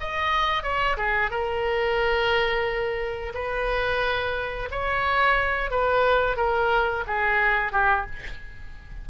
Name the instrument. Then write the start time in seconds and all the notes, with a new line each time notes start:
oboe
0.00 D#5
0.63 C#5
0.97 G#4
1.31 A#4
3.34 B4
4.71 C#5
5.71 B4
6.36 A#4
7.07 G#4
7.72 G4